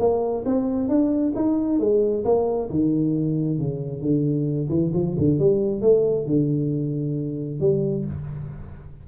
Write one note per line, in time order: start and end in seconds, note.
0.00 0.45 A#3
0.46 0.89 C4
0.89 1.34 D4
1.36 1.80 D#4
1.80 2.25 G#3
2.25 2.70 A#3
2.70 3.59 D#3
3.59 4.02 C#3
4.02 4.69 D3
4.70 4.92 E3
4.94 5.17 F3
5.19 5.39 D3
5.39 5.82 G3
5.82 6.27 A3
6.27 7.61 D3
7.61 8.05 G3